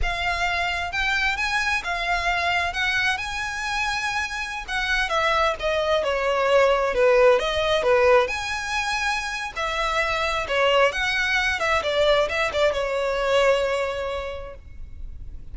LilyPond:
\new Staff \with { instrumentName = "violin" } { \time 4/4 \tempo 4 = 132 f''2 g''4 gis''4 | f''2 fis''4 gis''4~ | gis''2~ gis''16 fis''4 e''8.~ | e''16 dis''4 cis''2 b'8.~ |
b'16 dis''4 b'4 gis''4.~ gis''16~ | gis''4 e''2 cis''4 | fis''4. e''8 d''4 e''8 d''8 | cis''1 | }